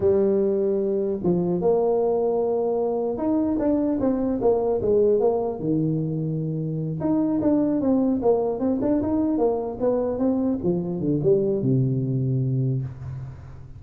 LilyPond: \new Staff \with { instrumentName = "tuba" } { \time 4/4 \tempo 4 = 150 g2. f4 | ais1 | dis'4 d'4 c'4 ais4 | gis4 ais4 dis2~ |
dis4. dis'4 d'4 c'8~ | c'8 ais4 c'8 d'8 dis'4 ais8~ | ais8 b4 c'4 f4 d8 | g4 c2. | }